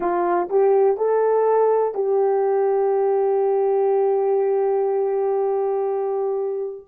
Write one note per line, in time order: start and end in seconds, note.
0.00 0.48 F4
0.49 0.97 G4
0.97 1.94 A4
1.94 6.86 G4